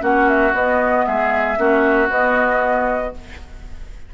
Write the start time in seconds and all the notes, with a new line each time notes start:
0.00 A#3 C#4 F#4 F#5
0.28 E5
0.52 B3 D#5
1.05 G#3 G#4 E5
1.56 A#3 C#4 F#4
2.09 B3 D#5